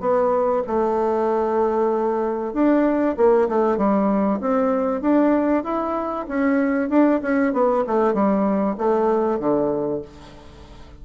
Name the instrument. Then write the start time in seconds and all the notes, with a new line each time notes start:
bassoon
0.00 B3
0.67 A3
2.53 D4
3.16 A#3
3.48 A3
3.77 G3
4.40 C4
5.01 D4
5.64 E4
6.28 C#4
6.89 D4
7.22 C#4
7.53 B3
7.87 A3
8.14 G3
8.77 A3
9.39 D3